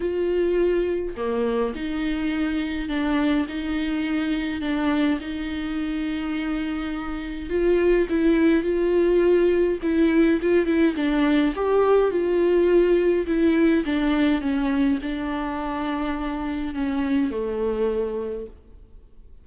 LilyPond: \new Staff \with { instrumentName = "viola" } { \time 4/4 \tempo 4 = 104 f'2 ais4 dis'4~ | dis'4 d'4 dis'2 | d'4 dis'2.~ | dis'4 f'4 e'4 f'4~ |
f'4 e'4 f'8 e'8 d'4 | g'4 f'2 e'4 | d'4 cis'4 d'2~ | d'4 cis'4 a2 | }